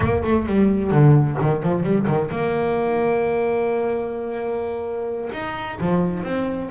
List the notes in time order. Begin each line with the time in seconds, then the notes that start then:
0.00 A#3
0.23 A3
0.46 G3
0.91 D3
1.41 D#3
1.62 F3
1.83 G3
2.07 D#3
2.30 A#3
5.32 D#4
5.80 F3
6.23 C4